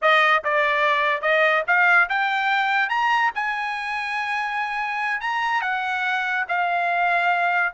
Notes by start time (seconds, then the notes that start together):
0.01 D#5
0.44 D5
1.21 D#5
1.67 F5
2.09 G5
2.89 A#5
3.34 G#5
5.20 A#5
5.61 F#5
6.48 F5